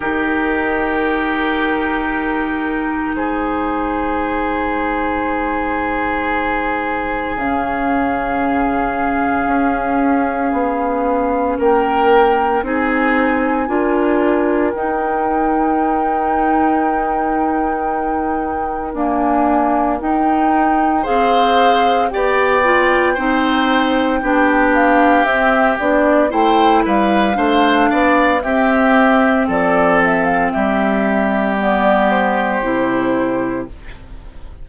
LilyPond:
<<
  \new Staff \with { instrumentName = "flute" } { \time 4/4 \tempo 4 = 57 ais'2. c''4~ | c''2. f''4~ | f''2. g''4 | gis''2 g''2~ |
g''2 gis''4 g''4 | f''4 g''2~ g''8 f''8 | e''8 d''8 g''8 f''4. e''4 | d''8 e''16 f''16 e''4 d''8 c''4. | }
  \new Staff \with { instrumentName = "oboe" } { \time 4/4 g'2. gis'4~ | gis'1~ | gis'2. ais'4 | gis'4 ais'2.~ |
ais'1 | c''4 d''4 c''4 g'4~ | g'4 c''8 b'8 c''8 d''8 g'4 | a'4 g'2. | }
  \new Staff \with { instrumentName = "clarinet" } { \time 4/4 dis'1~ | dis'2. cis'4~ | cis'1 | dis'4 f'4 dis'2~ |
dis'2 ais4 dis'4 | gis'4 g'8 f'8 dis'4 d'4 | c'8 d'8 e'4 d'4 c'4~ | c'2 b4 e'4 | }
  \new Staff \with { instrumentName = "bassoon" } { \time 4/4 dis2. gis4~ | gis2. cis4~ | cis4 cis'4 b4 ais4 | c'4 d'4 dis'2~ |
dis'2 d'4 dis'4 | c'4 b4 c'4 b4 | c'8 b8 a8 g8 a8 b8 c'4 | f4 g2 c4 | }
>>